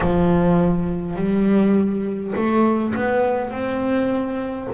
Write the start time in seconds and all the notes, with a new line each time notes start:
0.00 F3
1.16 G3
2.35 A3
2.95 B3
3.50 C4